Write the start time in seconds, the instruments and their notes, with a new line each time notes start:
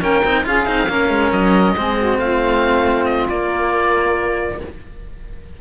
0.00 cello A#3 C#4, saxophone A#4, oboe G5
0.24 cello C4 D#4
0.45 cello C#4 F4, saxophone G#4, oboe F5
0.66 cello C4 D#4
0.88 cello A#3 C#4, saxophone A#4
1.10 cello G#3
1.32 cello F#3, oboe D#5
1.77 cello G#3 C4, saxophone G#4
1.99 saxophone F#4
2.18 cello A3, saxophone F4, oboe F5
3.05 oboe D#5
3.28 cello A#3, oboe D5